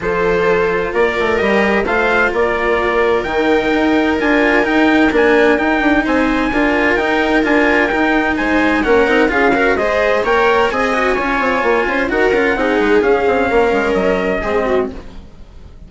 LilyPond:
<<
  \new Staff \with { instrumentName = "trumpet" } { \time 4/4 \tempo 4 = 129 c''2 d''4 dis''4 | f''4 d''2 g''4~ | g''4 gis''4 g''4 gis''4 | g''4 gis''2 g''4 |
gis''4 g''4 gis''4 fis''4 | f''4 dis''4 g''4 gis''4~ | gis''2 fis''2 | f''2 dis''2 | }
  \new Staff \with { instrumentName = "viola" } { \time 4/4 a'2 ais'2 | c''4 ais'2.~ | ais'1~ | ais'4 c''4 ais'2~ |
ais'2 c''4 ais'4 | gis'8 ais'8 c''4 cis''4 dis''4 | cis''4. c''8 ais'4 gis'4~ | gis'4 ais'2 gis'8 fis'8 | }
  \new Staff \with { instrumentName = "cello" } { \time 4/4 f'2. g'4 | f'2. dis'4~ | dis'4 f'4 dis'4 d'4 | dis'2 f'4 dis'4 |
f'4 dis'2 cis'8 dis'8 | f'8 fis'8 gis'4 ais'4 gis'8 fis'8 | f'2 fis'8 f'8 dis'4 | cis'2. c'4 | }
  \new Staff \with { instrumentName = "bassoon" } { \time 4/4 f2 ais8 a8 g4 | a4 ais2 dis4 | dis'4 d'4 dis'4 ais4 | dis'8 d'8 c'4 d'4 dis'4 |
d'4 dis'4 gis4 ais8 c'8 | cis'4 gis4 ais4 c'4 | cis'8 c'8 ais8 cis'8 dis'8 cis'8 c'8 gis8 | cis'8 c'8 ais8 gis8 fis4 gis4 | }
>>